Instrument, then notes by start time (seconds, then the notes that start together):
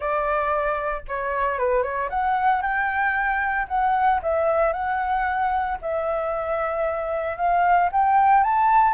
flute
0.00 D5
1.08 C#5
1.58 B4
1.83 C#5
2.09 F#5
2.62 G5
3.68 F#5
4.22 E5
4.72 F#5
5.81 E5
7.37 F5
7.92 G5
8.43 A5